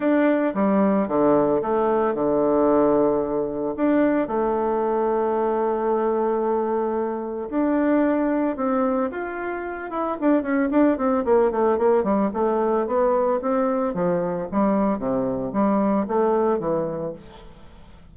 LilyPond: \new Staff \with { instrumentName = "bassoon" } { \time 4/4 \tempo 4 = 112 d'4 g4 d4 a4 | d2. d'4 | a1~ | a2 d'2 |
c'4 f'4. e'8 d'8 cis'8 | d'8 c'8 ais8 a8 ais8 g8 a4 | b4 c'4 f4 g4 | c4 g4 a4 e4 | }